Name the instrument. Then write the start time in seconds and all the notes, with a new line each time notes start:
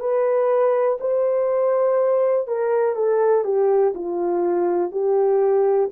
horn
0.00 B4
1.01 C5
2.48 A#4
2.96 A4
3.45 G4
3.95 F4
4.92 G4